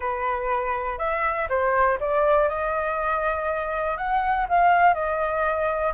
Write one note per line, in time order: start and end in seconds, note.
0.00 0.98 B4
0.98 1.47 E5
1.49 1.98 C5
1.99 2.49 D5
2.49 3.97 D#5
3.97 4.46 F#5
4.49 4.94 F5
4.94 5.93 D#5